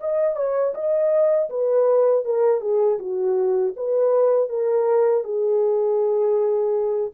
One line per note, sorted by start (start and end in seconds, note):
0.00 0.36 D#5
0.36 0.74 C#5
0.74 1.49 D#5
1.50 2.25 B4
2.25 2.61 A#4
2.61 2.98 G#4
2.99 3.74 F#4
3.76 4.49 B4
4.49 5.24 A#4
5.24 7.11 G#4